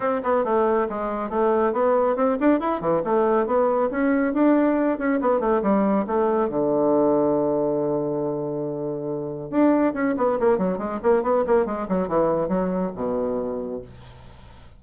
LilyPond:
\new Staff \with { instrumentName = "bassoon" } { \time 4/4 \tempo 4 = 139 c'8 b8 a4 gis4 a4 | b4 c'8 d'8 e'8 e8 a4 | b4 cis'4 d'4. cis'8 | b8 a8 g4 a4 d4~ |
d1~ | d2 d'4 cis'8 b8 | ais8 fis8 gis8 ais8 b8 ais8 gis8 fis8 | e4 fis4 b,2 | }